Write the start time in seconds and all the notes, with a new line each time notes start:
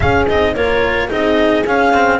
0.00 C#4 G#4 F5
0.28 C4 D#4 D#5
0.55 A#3 F4 A#4 C#5
1.08 C4 D#4 G#4 D#5
1.65 C#4 F5
1.93 C4